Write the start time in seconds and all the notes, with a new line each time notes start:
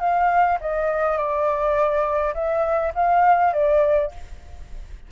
0.00 F5
0.61 D#5
1.18 D5
2.34 E5
2.95 F5
3.53 D5